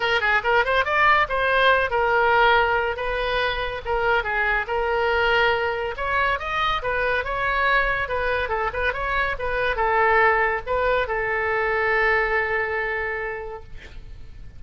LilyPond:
\new Staff \with { instrumentName = "oboe" } { \time 4/4 \tempo 4 = 141 ais'8 gis'8 ais'8 c''8 d''4 c''4~ | c''8 ais'2~ ais'8 b'4~ | b'4 ais'4 gis'4 ais'4~ | ais'2 cis''4 dis''4 |
b'4 cis''2 b'4 | a'8 b'8 cis''4 b'4 a'4~ | a'4 b'4 a'2~ | a'1 | }